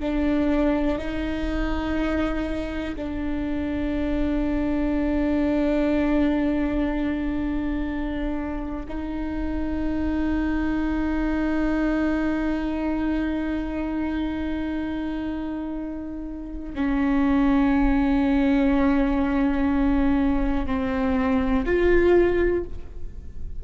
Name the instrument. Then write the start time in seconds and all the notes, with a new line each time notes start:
viola
0.00 D4
0.99 D#4
2.96 D4
8.89 D#4
16.75 C#4
20.66 C4
21.66 F4